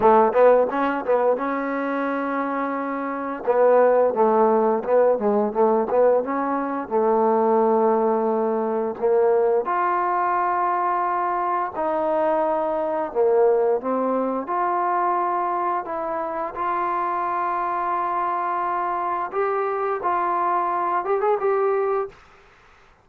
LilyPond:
\new Staff \with { instrumentName = "trombone" } { \time 4/4 \tempo 4 = 87 a8 b8 cis'8 b8 cis'2~ | cis'4 b4 a4 b8 gis8 | a8 b8 cis'4 a2~ | a4 ais4 f'2~ |
f'4 dis'2 ais4 | c'4 f'2 e'4 | f'1 | g'4 f'4. g'16 gis'16 g'4 | }